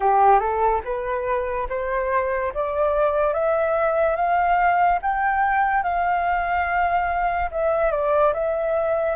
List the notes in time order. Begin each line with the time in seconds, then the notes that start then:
0.00 G4
0.39 A4
0.84 B4
1.69 C5
2.53 D5
3.33 E5
4.16 F5
5.02 G5
5.83 F5
7.51 E5
7.91 D5
8.33 E5